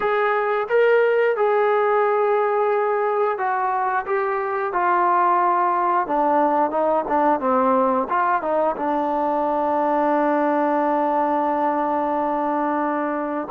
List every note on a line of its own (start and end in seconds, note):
0.00 0.67 G#4
0.68 1.36 A#4
1.36 3.37 G#4
3.37 4.05 F#4
4.06 4.73 G4
4.73 6.07 F4
6.07 6.70 D4
6.70 7.04 D#4
7.08 7.40 D4
7.40 8.07 C4
8.09 8.41 F4
8.41 8.75 D#4
8.76 13.48 D4